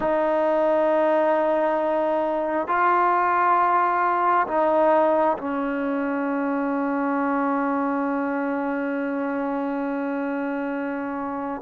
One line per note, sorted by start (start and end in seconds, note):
0.00 2.67 D#4
2.67 4.46 F4
4.47 5.37 D#4
5.38 11.61 C#4